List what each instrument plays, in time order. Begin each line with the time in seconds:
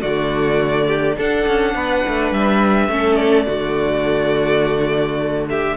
0.00 cello D3, viola A3, violin F#4 D5
0.87 violin G4
1.17 cello D4, viola D4, violin A4 F#5
1.47 cello C#4
1.74 cello B3, violin B4
2.07 cello A3
2.31 cello G3, violin E5
2.88 cello A3, viola C#4, violin A4
3.15 violin D5
3.47 cello D3, viola A3, violin F#4
5.49 violin G4 E5